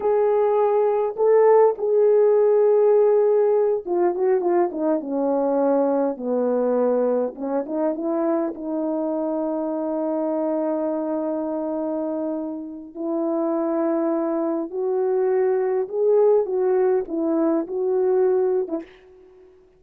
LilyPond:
\new Staff \with { instrumentName = "horn" } { \time 4/4 \tempo 4 = 102 gis'2 a'4 gis'4~ | gis'2~ gis'8 f'8 fis'8 f'8 | dis'8 cis'2 b4.~ | b8 cis'8 dis'8 e'4 dis'4.~ |
dis'1~ | dis'2 e'2~ | e'4 fis'2 gis'4 | fis'4 e'4 fis'4.~ fis'16 e'16 | }